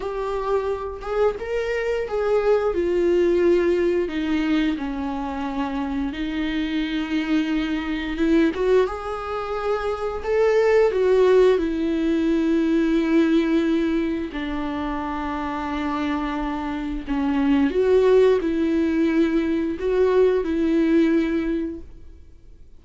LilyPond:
\new Staff \with { instrumentName = "viola" } { \time 4/4 \tempo 4 = 88 g'4. gis'8 ais'4 gis'4 | f'2 dis'4 cis'4~ | cis'4 dis'2. | e'8 fis'8 gis'2 a'4 |
fis'4 e'2.~ | e'4 d'2.~ | d'4 cis'4 fis'4 e'4~ | e'4 fis'4 e'2 | }